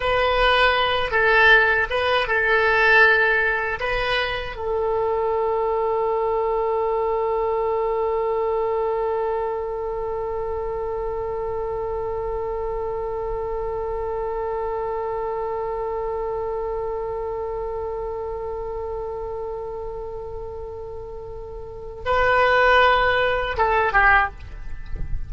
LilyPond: \new Staff \with { instrumentName = "oboe" } { \time 4/4 \tempo 4 = 79 b'4. a'4 b'8 a'4~ | a'4 b'4 a'2~ | a'1~ | a'1~ |
a'1~ | a'1~ | a'1~ | a'4 b'2 a'8 g'8 | }